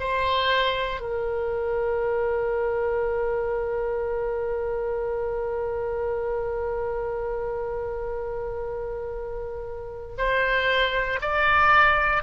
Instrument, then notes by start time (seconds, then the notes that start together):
oboe
0.00 C5
1.01 A#4
10.18 C5
11.22 D5